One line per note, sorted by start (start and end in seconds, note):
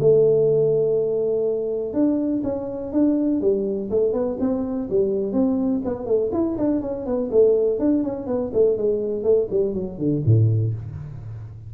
0.00 1.93 A3
1.93 2.42 D4
2.43 2.92 C#4
2.92 3.41 D4
3.41 3.89 G3
3.90 4.13 A3
4.13 4.37 B3
4.39 4.88 C4
4.90 5.32 G3
5.32 5.81 C4
5.84 6.06 B3
6.06 6.30 A3
6.32 6.56 E4
6.58 6.81 D4
6.81 7.06 C#4
7.06 7.30 B3
7.31 7.78 A3
7.78 8.03 D4
8.03 8.26 C#4
8.26 8.51 B3
8.53 8.77 A3
8.77 9.23 G#3
9.23 9.48 A3
9.50 9.74 G3
9.74 9.98 F#3
9.98 10.22 D3
10.25 10.74 A2